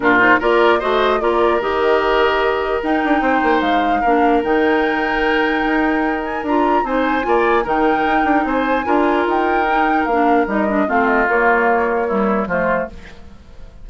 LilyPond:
<<
  \new Staff \with { instrumentName = "flute" } { \time 4/4 \tempo 4 = 149 ais'8 c''8 d''4 dis''4 d''4 | dis''2. g''4~ | g''4 f''2 g''4~ | g''2.~ g''8 gis''8 |
ais''4 gis''2 g''4~ | g''4 gis''2 g''4~ | g''4 f''4 dis''4 f''8 dis''8 | cis''2. c''4 | }
  \new Staff \with { instrumentName = "oboe" } { \time 4/4 f'4 ais'4 c''4 ais'4~ | ais'1 | c''2 ais'2~ | ais'1~ |
ais'4 c''4 d''4 ais'4~ | ais'4 c''4 ais'2~ | ais'2. f'4~ | f'2 e'4 f'4 | }
  \new Staff \with { instrumentName = "clarinet" } { \time 4/4 d'8 dis'8 f'4 fis'4 f'4 | g'2. dis'4~ | dis'2 d'4 dis'4~ | dis'1 |
f'4 dis'4 f'4 dis'4~ | dis'2 f'2 | dis'4 d'4 dis'8 d'8 c'4 | ais2 g4 a4 | }
  \new Staff \with { instrumentName = "bassoon" } { \time 4/4 ais,4 ais4 a4 ais4 | dis2. dis'8 d'8 | c'8 ais8 gis4 ais4 dis4~ | dis2 dis'2 |
d'4 c'4 ais4 dis4 | dis'8 d'8 c'4 d'4 dis'4~ | dis'4 ais4 g4 a4 | ais2. f4 | }
>>